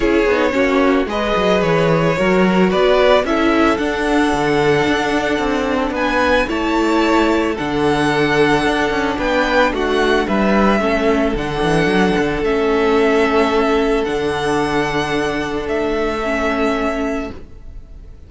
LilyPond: <<
  \new Staff \with { instrumentName = "violin" } { \time 4/4 \tempo 4 = 111 cis''2 dis''4 cis''4~ | cis''4 d''4 e''4 fis''4~ | fis''2. gis''4 | a''2 fis''2~ |
fis''4 g''4 fis''4 e''4~ | e''4 fis''2 e''4~ | e''2 fis''2~ | fis''4 e''2. | }
  \new Staff \with { instrumentName = "violin" } { \time 4/4 gis'4 fis'4 b'2 | ais'4 b'4 a'2~ | a'2. b'4 | cis''2 a'2~ |
a'4 b'4 fis'4 b'4 | a'1~ | a'1~ | a'1 | }
  \new Staff \with { instrumentName = "viola" } { \time 4/4 e'8 dis'8 cis'4 gis'2 | fis'2 e'4 d'4~ | d'1 | e'2 d'2~ |
d'1 | cis'4 d'2 cis'4~ | cis'2 d'2~ | d'2 cis'2 | }
  \new Staff \with { instrumentName = "cello" } { \time 4/4 cis'8 b8 ais4 gis8 fis8 e4 | fis4 b4 cis'4 d'4 | d4 d'4 c'4 b4 | a2 d2 |
d'8 cis'8 b4 a4 g4 | a4 d8 e8 fis8 d8 a4~ | a2 d2~ | d4 a2. | }
>>